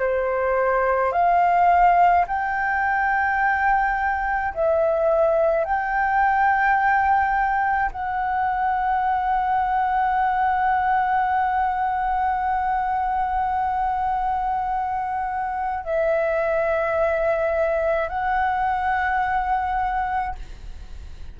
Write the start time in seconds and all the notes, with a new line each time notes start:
0.00 C5
1.12 F5
2.27 G5
4.54 E5
5.64 G5
7.92 F#5
15.84 E5
18.09 F#5